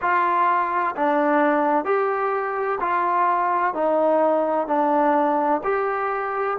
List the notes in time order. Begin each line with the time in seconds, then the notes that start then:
0.01 F4
0.95 D4
1.85 G4
2.80 F4
3.74 D#4
4.67 D4
5.63 G4